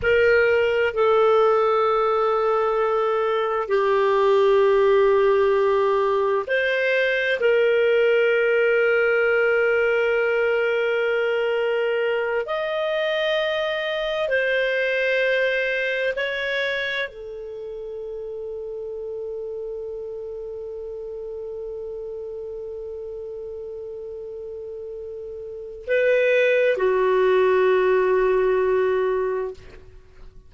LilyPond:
\new Staff \with { instrumentName = "clarinet" } { \time 4/4 \tempo 4 = 65 ais'4 a'2. | g'2. c''4 | ais'1~ | ais'4. dis''2 c''8~ |
c''4. cis''4 a'4.~ | a'1~ | a'1 | b'4 fis'2. | }